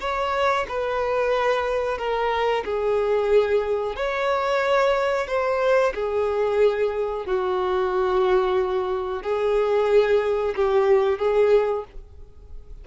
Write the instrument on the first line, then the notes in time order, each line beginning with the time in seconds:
violin
0.00 C#5
0.68 B4
1.98 A#4
2.64 G#4
3.96 C#5
5.27 C5
5.94 G#4
7.26 F#4
9.22 G#4
10.56 G4
11.18 G#4